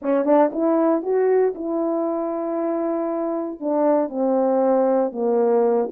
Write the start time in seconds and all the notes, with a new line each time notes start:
0.02 C#4
0.24 D4
0.52 E4
1.02 F#4
1.54 E4
3.59 D4
4.09 C4
5.12 A#3